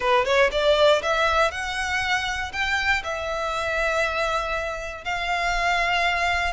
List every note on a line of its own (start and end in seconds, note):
0.00 0.25 B4
0.25 0.50 C#5
0.51 1.02 D5
1.02 1.51 E5
1.51 2.52 F#5
2.52 3.03 G5
3.03 5.04 E5
5.04 6.53 F5